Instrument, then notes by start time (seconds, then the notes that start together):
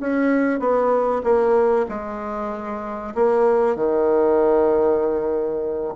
bassoon
0.00 C#4
0.59 B3
1.24 A#3
1.89 G#3
3.15 A#3
3.76 D#3